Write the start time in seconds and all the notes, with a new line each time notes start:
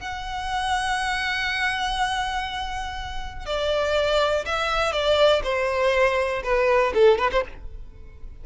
0.00 F#5
3.46 D5
4.46 E5
4.93 D5
5.44 C5
6.44 B4
6.95 A4
7.19 B4
7.32 C5